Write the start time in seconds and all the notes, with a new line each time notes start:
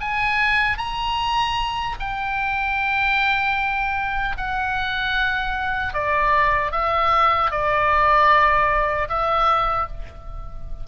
0.00 G#5
0.78 A#5
2.00 G5
4.37 F#5
5.94 D5
6.71 E5
7.50 D5
9.09 E5